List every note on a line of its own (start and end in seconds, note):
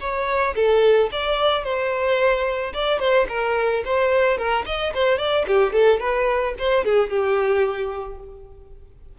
0.00 0.55 C#5
0.55 1.10 A4
1.12 1.64 D5
1.64 2.73 C5
2.73 2.99 D5
2.99 3.26 C5
3.29 3.83 A#4
3.85 4.38 C5
4.38 4.65 A#4
4.66 4.93 D#5
4.94 5.18 C5
5.18 5.45 D5
5.47 5.72 G4
5.72 6.00 A4
6.00 6.54 B4
6.59 6.84 C5
6.84 7.10 G#4
7.10 8.19 G4